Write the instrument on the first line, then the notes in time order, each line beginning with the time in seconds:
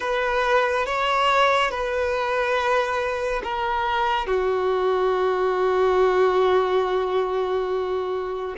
violin
0.00 B4
0.86 C#5
1.70 B4
3.43 A#4
4.26 F#4